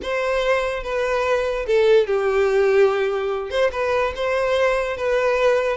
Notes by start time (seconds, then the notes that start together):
0.02 C5
0.83 B4
1.67 A4
2.06 G4
3.50 C5
3.72 B4
4.15 C5
4.96 B4